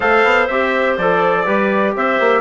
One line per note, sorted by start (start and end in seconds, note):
0.00 0.23 A3
0.00 0.48 A4
0.00 1.45 C5
0.00 0.47 F5
0.23 0.48 B3
0.47 0.97 C4
0.47 0.99 G4
0.47 0.96 E5
0.97 1.46 F3
0.97 1.46 A4
0.97 1.95 D5
1.45 1.95 G3
1.45 2.40 G4
1.45 1.93 B4
1.95 2.20 C4
1.95 2.40 C5
1.95 2.40 E5
2.20 2.40 A#3